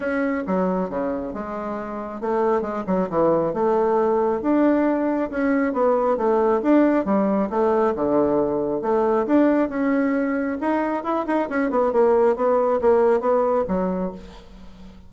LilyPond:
\new Staff \with { instrumentName = "bassoon" } { \time 4/4 \tempo 4 = 136 cis'4 fis4 cis4 gis4~ | gis4 a4 gis8 fis8 e4 | a2 d'2 | cis'4 b4 a4 d'4 |
g4 a4 d2 | a4 d'4 cis'2 | dis'4 e'8 dis'8 cis'8 b8 ais4 | b4 ais4 b4 fis4 | }